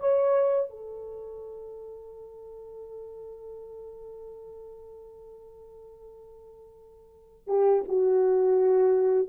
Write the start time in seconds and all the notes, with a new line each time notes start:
0.00 C#5
0.69 A4
7.47 G4
7.88 F#4